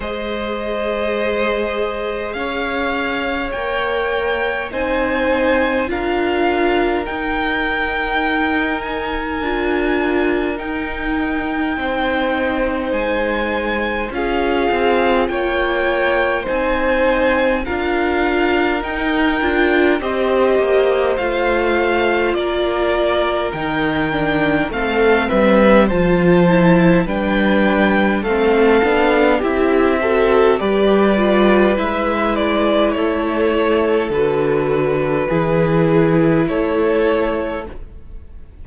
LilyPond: <<
  \new Staff \with { instrumentName = "violin" } { \time 4/4 \tempo 4 = 51 dis''2 f''4 g''4 | gis''4 f''4 g''4. gis''8~ | gis''4 g''2 gis''4 | f''4 g''4 gis''4 f''4 |
g''4 dis''4 f''4 d''4 | g''4 f''8 e''8 a''4 g''4 | f''4 e''4 d''4 e''8 d''8 | cis''4 b'2 cis''4 | }
  \new Staff \with { instrumentName = "violin" } { \time 4/4 c''2 cis''2 | c''4 ais'2.~ | ais'2 c''2 | gis'4 cis''4 c''4 ais'4~ |
ais'4 c''2 ais'4~ | ais'4 a'8 b'8 c''4 b'4 | a'4 g'8 a'8 b'2 | a'2 gis'4 a'4 | }
  \new Staff \with { instrumentName = "viola" } { \time 4/4 gis'2. ais'4 | dis'4 f'4 dis'2 | f'4 dis'2. | f'2 dis'4 f'4 |
dis'8 f'8 g'4 f'2 | dis'8 d'8 c'4 f'8 e'8 d'4 | c'8 d'8 e'8 fis'8 g'8 f'8 e'4~ | e'4 fis'4 e'2 | }
  \new Staff \with { instrumentName = "cello" } { \time 4/4 gis2 cis'4 ais4 | c'4 d'4 dis'2 | d'4 dis'4 c'4 gis4 | cis'8 c'8 ais4 c'4 d'4 |
dis'8 d'8 c'8 ais8 a4 ais4 | dis4 a8 g8 f4 g4 | a8 b8 c'4 g4 gis4 | a4 d4 e4 a4 | }
>>